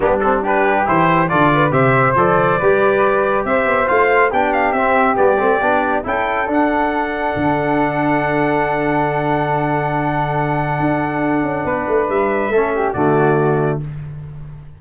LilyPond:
<<
  \new Staff \with { instrumentName = "trumpet" } { \time 4/4 \tempo 4 = 139 g'8 a'8 b'4 c''4 d''4 | e''4 d''2. | e''4 f''4 g''8 f''8 e''4 | d''2 g''4 fis''4~ |
fis''1~ | fis''1~ | fis''1 | e''2 d''2 | }
  \new Staff \with { instrumentName = "flute" } { \time 4/4 d'4 g'2 a'8 b'8 | c''2 b'2 | c''2 g'2~ | g'2 a'2~ |
a'1~ | a'1~ | a'2. b'4~ | b'4 a'8 g'8 fis'2 | }
  \new Staff \with { instrumentName = "trombone" } { \time 4/4 b8 c'8 d'4 e'4 f'4 | g'4 a'4 g'2~ | g'4 f'4 d'4 c'4 | b8 c'8 d'4 e'4 d'4~ |
d'1~ | d'1~ | d'1~ | d'4 cis'4 a2 | }
  \new Staff \with { instrumentName = "tuba" } { \time 4/4 g2 e4 d4 | c4 f4 g2 | c'8 b8 a4 b4 c'4 | g8 a8 b4 cis'4 d'4~ |
d'4 d2.~ | d1~ | d4 d'4. cis'8 b8 a8 | g4 a4 d2 | }
>>